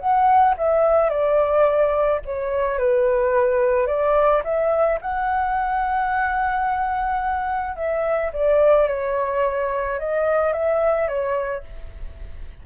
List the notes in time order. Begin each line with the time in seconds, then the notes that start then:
0.00 F#5
0.58 E5
1.10 D5
2.26 C#5
2.79 B4
3.87 D5
4.44 E5
5.02 F#5
7.77 E5
8.33 D5
8.89 C#5
9.99 D#5
10.54 E5
11.08 C#5